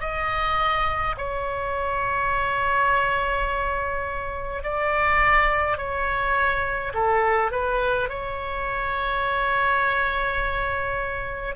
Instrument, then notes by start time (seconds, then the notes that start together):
oboe
0.00 D#5
1.17 C#5
4.63 D5
5.77 C#5
6.94 A4
7.52 B4
8.09 C#5